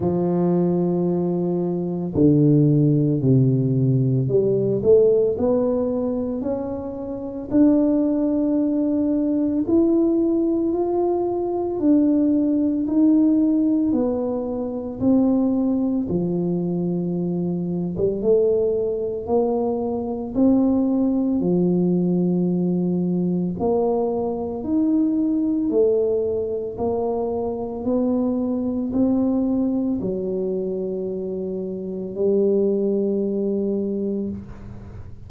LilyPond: \new Staff \with { instrumentName = "tuba" } { \time 4/4 \tempo 4 = 56 f2 d4 c4 | g8 a8 b4 cis'4 d'4~ | d'4 e'4 f'4 d'4 | dis'4 b4 c'4 f4~ |
f8. g16 a4 ais4 c'4 | f2 ais4 dis'4 | a4 ais4 b4 c'4 | fis2 g2 | }